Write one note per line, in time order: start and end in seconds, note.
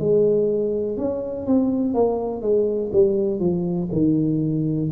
0.00 0.97 G#3
0.97 1.47 C#4
1.47 1.94 C4
1.94 2.42 A#3
2.42 2.92 G#3
2.93 3.40 G3
3.40 3.89 F3
3.93 4.91 D#3